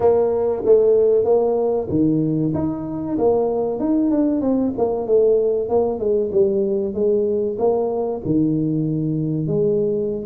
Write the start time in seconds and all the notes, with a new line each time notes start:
0.00 A#3
0.65 A3
1.24 A#3
1.89 D#3
2.54 D#4
3.18 A#3
3.79 D#4
4.11 D4
4.41 C4
4.77 A#3
5.06 A3
5.68 A#3
5.99 G#3
6.32 G3
6.94 G#3
7.58 A#3
8.25 D#3
9.47 G#3